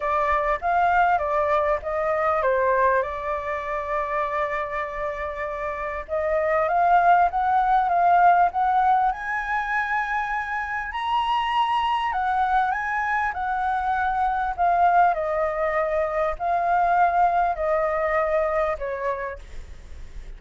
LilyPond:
\new Staff \with { instrumentName = "flute" } { \time 4/4 \tempo 4 = 99 d''4 f''4 d''4 dis''4 | c''4 d''2.~ | d''2 dis''4 f''4 | fis''4 f''4 fis''4 gis''4~ |
gis''2 ais''2 | fis''4 gis''4 fis''2 | f''4 dis''2 f''4~ | f''4 dis''2 cis''4 | }